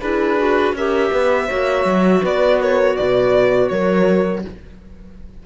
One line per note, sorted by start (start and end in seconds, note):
0.00 0.73 D4
0.00 0.37 E4
0.00 0.75 G#4
0.00 0.74 B4
0.37 0.74 F#4
0.73 1.10 C#4
0.73 1.48 G4
0.73 1.11 A#4
0.73 2.25 E5
1.11 1.49 B3
1.11 1.47 B4
1.47 1.84 A#3
1.47 4.45 F#4
1.47 2.21 C#5
1.84 2.21 F#3
2.22 2.97 B3
2.22 2.59 B4
2.22 2.62 D5
2.60 2.98 A#4
2.60 2.96 C#5
2.96 3.70 B2
2.96 3.71 B4
2.96 3.68 D5
3.68 4.44 F#3
3.68 4.46 A#4
3.68 4.42 C#5